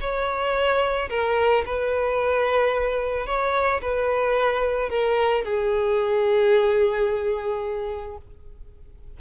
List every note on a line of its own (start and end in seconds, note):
0.00 1.09 C#5
1.10 1.64 A#4
1.65 3.26 B4
3.26 3.81 C#5
3.81 4.89 B4
4.89 5.44 A#4
5.44 8.17 G#4